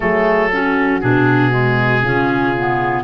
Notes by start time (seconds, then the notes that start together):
0.00 F#3 A3 G#4 A4
0.52 C#4 F#4
1.00 B2 D4 G#4
1.51 G#3
2.02 C#3 C#4 F4
2.56 B3